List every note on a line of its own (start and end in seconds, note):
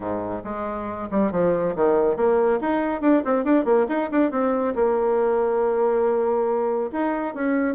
0.00 0.42 G#2
0.44 1.08 G#3
1.10 1.31 G3
1.31 1.74 F3
1.75 2.16 D#3
2.16 2.59 A#3
2.60 3.01 D#4
3.01 3.22 D4
3.24 3.44 C4
3.44 3.65 D4
3.65 3.86 A#3
3.88 4.09 D#4
4.11 4.31 D4
4.31 4.74 C4
4.75 6.91 A#3
6.92 7.34 D#4
7.34 7.75 C#4